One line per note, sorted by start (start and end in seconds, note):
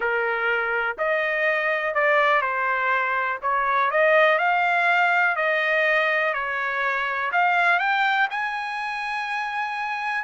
0.00 0.96 A#4
0.98 1.94 D#5
1.94 2.41 D5
2.41 3.39 C5
3.42 3.90 C#5
3.90 4.38 D#5
4.38 5.35 F5
5.36 6.33 D#5
6.33 7.31 C#5
7.32 7.79 F5
7.79 8.28 G5
8.30 10.24 G#5